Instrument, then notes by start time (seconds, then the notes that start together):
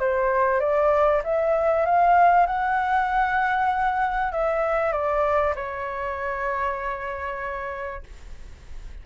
flute
0.00 C5
0.60 D5
1.24 E5
1.86 F5
2.47 F#5
4.32 E5
4.93 D5
5.56 C#5